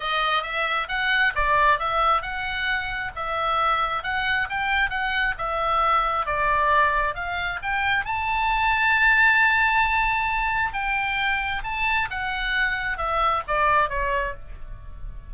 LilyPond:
\new Staff \with { instrumentName = "oboe" } { \time 4/4 \tempo 4 = 134 dis''4 e''4 fis''4 d''4 | e''4 fis''2 e''4~ | e''4 fis''4 g''4 fis''4 | e''2 d''2 |
f''4 g''4 a''2~ | a''1 | g''2 a''4 fis''4~ | fis''4 e''4 d''4 cis''4 | }